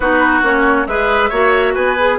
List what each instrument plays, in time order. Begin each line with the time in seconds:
0.00 bassoon B3, clarinet D#4, oboe F#4, flute B4
0.42 bassoon A#3, clarinet C#4, flute C#5
0.86 bassoon G#3, clarinet G#4, oboe B4, flute E5
1.29 bassoon A#3, clarinet F#4, oboe C#5
1.74 bassoon B3, oboe B4, flute G#5
1.98 clarinet G#4